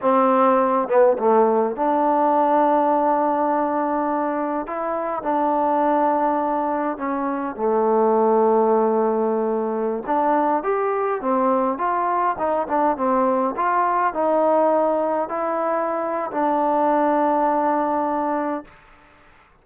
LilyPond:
\new Staff \with { instrumentName = "trombone" } { \time 4/4 \tempo 4 = 103 c'4. b8 a4 d'4~ | d'1 | e'4 d'2. | cis'4 a2.~ |
a4~ a16 d'4 g'4 c'8.~ | c'16 f'4 dis'8 d'8 c'4 f'8.~ | f'16 dis'2 e'4.~ e'16 | d'1 | }